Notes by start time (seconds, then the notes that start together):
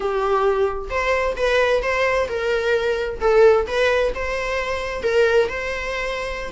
0.00 G4
0.90 C5
1.36 B4
1.82 C5
2.28 A#4
3.20 A4
3.67 B4
4.14 C5
5.03 A#4
5.49 C5